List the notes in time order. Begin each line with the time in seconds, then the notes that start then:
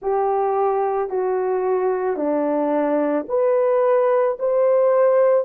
0.01 G4
1.09 F#4
2.16 D4
3.28 B4
4.39 C5